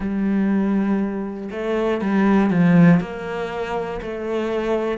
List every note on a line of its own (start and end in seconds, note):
0.00 1.50 G3
1.51 2.01 A3
2.01 2.50 G3
2.50 3.00 F3
3.00 4.00 A#3
4.01 4.97 A3